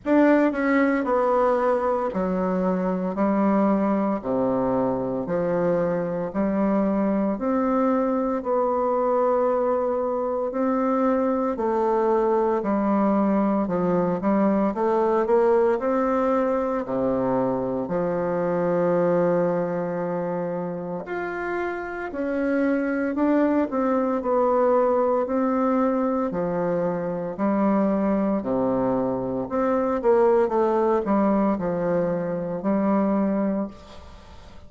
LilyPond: \new Staff \with { instrumentName = "bassoon" } { \time 4/4 \tempo 4 = 57 d'8 cis'8 b4 fis4 g4 | c4 f4 g4 c'4 | b2 c'4 a4 | g4 f8 g8 a8 ais8 c'4 |
c4 f2. | f'4 cis'4 d'8 c'8 b4 | c'4 f4 g4 c4 | c'8 ais8 a8 g8 f4 g4 | }